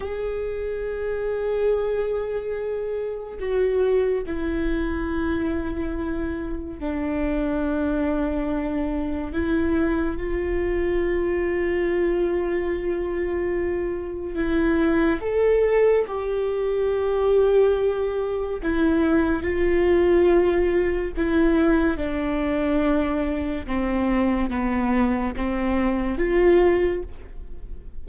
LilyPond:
\new Staff \with { instrumentName = "viola" } { \time 4/4 \tempo 4 = 71 gis'1 | fis'4 e'2. | d'2. e'4 | f'1~ |
f'4 e'4 a'4 g'4~ | g'2 e'4 f'4~ | f'4 e'4 d'2 | c'4 b4 c'4 f'4 | }